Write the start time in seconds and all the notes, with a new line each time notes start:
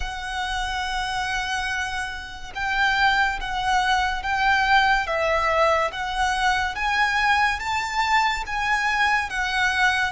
0.00 F#5
2.55 G5
3.40 F#5
4.23 G5
5.06 E5
5.92 F#5
6.75 G#5
7.59 A5
8.46 G#5
9.29 F#5